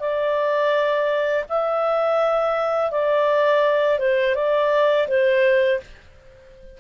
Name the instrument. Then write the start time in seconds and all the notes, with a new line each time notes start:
clarinet
0.00 D5
1.49 E5
2.91 D5
3.99 C5
4.35 D5
5.08 C5